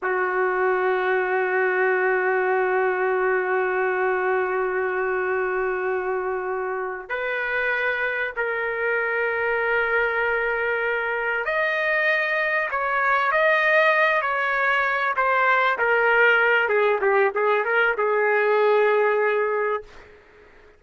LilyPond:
\new Staff \with { instrumentName = "trumpet" } { \time 4/4 \tempo 4 = 97 fis'1~ | fis'1~ | fis'2.~ fis'8 b'8~ | b'4. ais'2~ ais'8~ |
ais'2~ ais'8 dis''4.~ | dis''8 cis''4 dis''4. cis''4~ | cis''8 c''4 ais'4. gis'8 g'8 | gis'8 ais'8 gis'2. | }